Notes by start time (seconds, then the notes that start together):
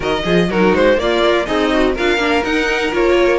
0.00 D#3 F#4 A#4 D#5
0.24 F3 F4 G#4
0.48 F#3 D#4 F#4 A#4
0.73 G#3 C5
0.97 A#3 F4 D5
1.22 A#4
1.45 C4 D#4 G#4 D#5
1.72 F#4
1.94 D4 F4 A#4 F5
2.17 A#3 D4
2.43 D#4 F#5
2.91 A#3 F4 C#5